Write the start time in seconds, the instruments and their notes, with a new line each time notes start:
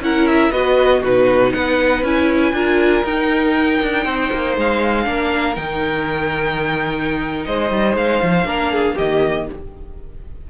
0.00 cello C#4, viola E4, violin A#4 F#5
0.27 violin E5
0.52 cello B3, viola F#4, violin B4 D#5
1.00 cello B2, viola D#4, violin F#4 B4
1.53 cello B3, violin B4 F#5
2.03 cello C#4, viola E4, violin G#5
2.53 cello D4, viola F4, violin A#4
3.05 cello D#4, viola D#4, violin G5
3.83 cello D4
4.05 cello C4, violin C5
4.33 cello A#3
4.57 cello G#3, violin F5
5.04 cello A#3, viola D4, violin A#4
5.56 cello D#3, viola D#4, violin G5
7.45 cello G#3, violin C5 D#5
7.71 cello G3
7.97 cello G#3, violin F5
8.23 cello F3
8.44 cello A#3, viola D4, violin A#4
8.73 violin G#4
8.96 cello D#3, viola A#3, violin G4 D#5